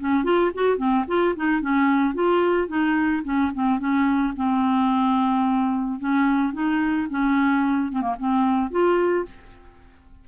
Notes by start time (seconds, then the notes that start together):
0.00 C#4
0.24 F4
0.55 F#4
0.77 C4
1.07 F4
1.36 D#4
1.61 C#4
2.14 F4
2.68 D#4
3.24 C#4
3.55 C4
3.79 C#4
4.36 C4
6.00 C#4
6.53 D#4
7.10 C#4
7.92 C4
8.01 A#3
8.19 C4
8.71 F4